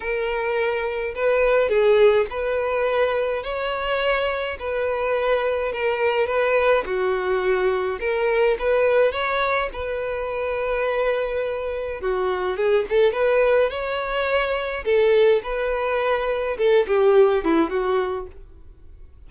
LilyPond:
\new Staff \with { instrumentName = "violin" } { \time 4/4 \tempo 4 = 105 ais'2 b'4 gis'4 | b'2 cis''2 | b'2 ais'4 b'4 | fis'2 ais'4 b'4 |
cis''4 b'2.~ | b'4 fis'4 gis'8 a'8 b'4 | cis''2 a'4 b'4~ | b'4 a'8 g'4 e'8 fis'4 | }